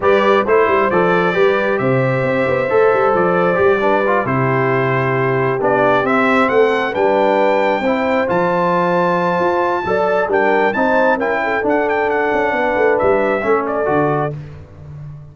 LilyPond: <<
  \new Staff \with { instrumentName = "trumpet" } { \time 4/4 \tempo 4 = 134 d''4 c''4 d''2 | e''2. d''4~ | d''4. c''2~ c''8~ | c''8 d''4 e''4 fis''4 g''8~ |
g''2~ g''8 a''4.~ | a''2. g''4 | a''4 g''4 fis''8 g''8 fis''4~ | fis''4 e''4. d''4. | }
  \new Staff \with { instrumentName = "horn" } { \time 4/4 b'4 c''2 b'4 | c''1~ | c''8 b'4 g'2~ g'8~ | g'2~ g'8 a'4 b'8~ |
b'4. c''2~ c''8~ | c''2 d''4 ais'4 | c''4 ais'8 a'2~ a'8 | b'2 a'2 | }
  \new Staff \with { instrumentName = "trombone" } { \time 4/4 g'4 e'4 a'4 g'4~ | g'2 a'2 | g'8 d'8 f'8 e'2~ e'8~ | e'8 d'4 c'2 d'8~ |
d'4. e'4 f'4.~ | f'2 a'4 d'4 | dis'4 e'4 d'2~ | d'2 cis'4 fis'4 | }
  \new Staff \with { instrumentName = "tuba" } { \time 4/4 g4 a8 g8 f4 g4 | c4 c'8 b8 a8 g8 f4 | g4. c2~ c8~ | c8 b4 c'4 a4 g8~ |
g4. c'4 f4.~ | f4 f'4 fis4 g4 | c'4 cis'4 d'4. cis'8 | b8 a8 g4 a4 d4 | }
>>